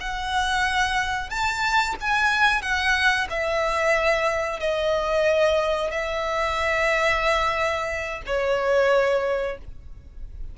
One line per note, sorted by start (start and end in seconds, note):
0.00 1.29 F#5
1.29 1.95 A5
2.00 2.61 G#5
2.61 3.27 F#5
3.29 4.59 E5
4.59 5.90 D#5
5.90 8.21 E5
8.26 9.58 C#5